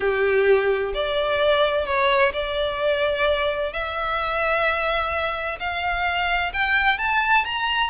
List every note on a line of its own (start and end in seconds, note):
0.00 0.93 G4
0.93 1.85 D5
1.85 2.32 C#5
2.33 3.72 D5
3.72 5.58 E5
5.59 6.52 F5
6.53 6.98 G5
6.98 7.44 A5
7.44 7.89 A#5